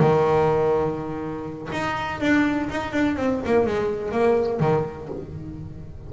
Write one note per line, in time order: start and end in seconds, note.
0.00 1.69 D#3
1.73 2.21 D#4
2.21 2.69 D4
2.70 2.93 D#4
2.93 3.17 D4
3.17 3.41 C4
3.46 3.67 A#3
3.67 4.12 G#3
4.12 4.60 A#3
4.60 5.09 D#3